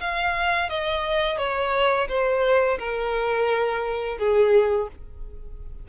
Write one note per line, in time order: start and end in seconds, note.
0.00 0.69 F5
0.69 1.38 D#5
1.38 2.07 C#5
2.08 2.78 C5
2.78 4.18 A#4
4.18 4.88 G#4